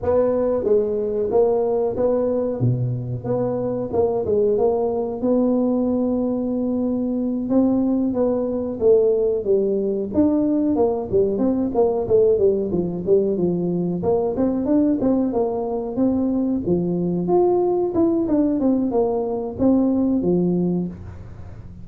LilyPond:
\new Staff \with { instrumentName = "tuba" } { \time 4/4 \tempo 4 = 92 b4 gis4 ais4 b4 | b,4 b4 ais8 gis8 ais4 | b2.~ b8 c'8~ | c'8 b4 a4 g4 d'8~ |
d'8 ais8 g8 c'8 ais8 a8 g8 f8 | g8 f4 ais8 c'8 d'8 c'8 ais8~ | ais8 c'4 f4 f'4 e'8 | d'8 c'8 ais4 c'4 f4 | }